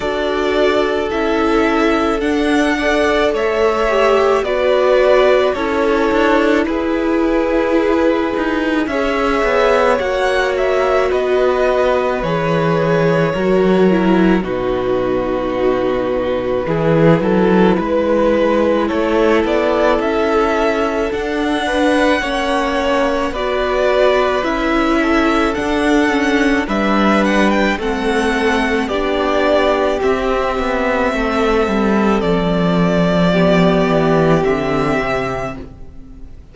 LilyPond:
<<
  \new Staff \with { instrumentName = "violin" } { \time 4/4 \tempo 4 = 54 d''4 e''4 fis''4 e''4 | d''4 cis''4 b'2 | e''4 fis''8 e''8 dis''4 cis''4~ | cis''4 b'2.~ |
b'4 cis''8 d''8 e''4 fis''4~ | fis''4 d''4 e''4 fis''4 | e''8 fis''16 g''16 fis''4 d''4 e''4~ | e''4 d''2 e''4 | }
  \new Staff \with { instrumentName = "violin" } { \time 4/4 a'2~ a'8 d''8 cis''4 | b'4 a'4 gis'2 | cis''2 b'2 | ais'4 fis'2 gis'8 a'8 |
b'4 a'2~ a'8 b'8 | cis''4 b'4. a'4. | b'4 a'4 g'2 | a'2 g'2 | }
  \new Staff \with { instrumentName = "viola" } { \time 4/4 fis'4 e'4 d'8 a'4 g'8 | fis'4 e'2. | gis'4 fis'2 gis'4 | fis'8 e'8 dis'2 e'4~ |
e'2. d'4 | cis'4 fis'4 e'4 d'8 cis'8 | d'4 c'4 d'4 c'4~ | c'2 b4 c'4 | }
  \new Staff \with { instrumentName = "cello" } { \time 4/4 d'4 cis'4 d'4 a4 | b4 cis'8 d'8 e'4. dis'8 | cis'8 b8 ais4 b4 e4 | fis4 b,2 e8 fis8 |
gis4 a8 b8 cis'4 d'4 | ais4 b4 cis'4 d'4 | g4 a4 b4 c'8 b8 | a8 g8 f4. e8 d8 c8 | }
>>